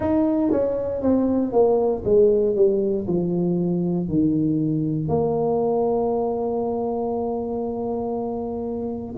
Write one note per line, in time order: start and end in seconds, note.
0.00 0.51 D#4
0.51 1.02 C#4
1.02 1.52 C4
1.52 2.03 A#3
2.04 2.55 G#3
2.55 3.06 G3
3.07 4.08 F3
4.08 5.08 D#3
5.08 9.15 A#3